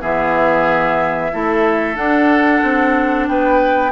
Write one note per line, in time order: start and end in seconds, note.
0.00 1.32 E3
0.00 1.30 B3
0.00 1.32 G#4
0.00 1.96 E5
1.32 1.96 A3
1.32 1.94 E4
1.32 3.29 A4
1.94 3.90 D4
1.94 2.61 D4
1.94 3.27 F#5
2.63 3.28 C4
3.28 3.92 B3
3.28 3.92 B4
3.28 3.92 G5